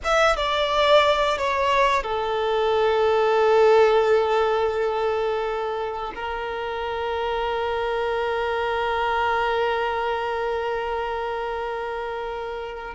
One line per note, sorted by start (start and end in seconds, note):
0.03 0.36 E5
0.36 1.38 D5
1.38 2.03 C#5
2.03 6.12 A4
6.15 12.94 A#4